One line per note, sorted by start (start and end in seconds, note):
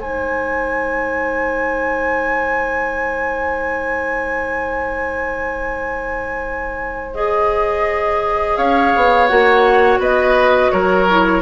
0.00 8.57 G#3
0.00 7.15 D#4
0.00 8.57 C5
0.00 7.14 G#5
7.14 9.29 G#4
7.14 8.57 D#5
8.57 8.93 C#4
8.57 10.00 C#5
8.57 9.27 F5
8.96 9.30 B3
9.27 9.98 A#3
9.27 11.08 F#4
9.27 9.99 F#5
9.98 10.70 B3
9.98 10.71 B4
9.98 10.71 D#5
10.71 11.42 F#3
10.71 11.42 A#4
10.71 11.42 C#5
11.10 11.42 E4